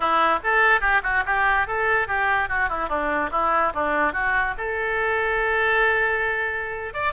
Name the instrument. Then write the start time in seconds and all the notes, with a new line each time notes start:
oboe
0.00 E4
0.43 A4
0.81 G4
1.03 F#4
1.25 G4
1.67 A4
2.07 G4
2.48 F#4
2.69 E4
2.88 D4
3.31 E4
3.74 D4
4.13 F#4
4.57 A4
6.93 D5